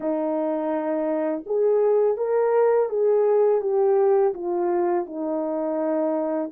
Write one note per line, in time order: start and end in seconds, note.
0.00 1.43 D#4
1.46 2.17 G#4
2.17 2.89 A#4
2.89 3.61 G#4
3.61 4.33 G4
4.34 5.06 F4
5.06 6.50 D#4